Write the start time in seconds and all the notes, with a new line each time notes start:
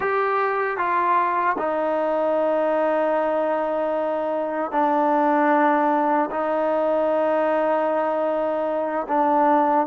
0.00 G4
0.77 F4
1.58 D#4
4.71 D4
6.30 D#4
9.08 D4